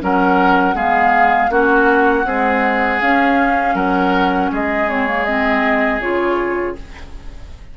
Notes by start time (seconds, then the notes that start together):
0.00 F#3 C#4 A#4 F#5
0.74 G#3 B3 G#4 F5
1.49 A#3 C#4 F#4 F#5
2.24 G#3 C4 G#4
3.01 C#4 F5
3.74 F#3 A#4 F#5
4.51 G#3 G#4 D#5
4.89 C4 C#5
5.07 A#3
5.25 C4 D#5
6.00 C#3 F4 C#5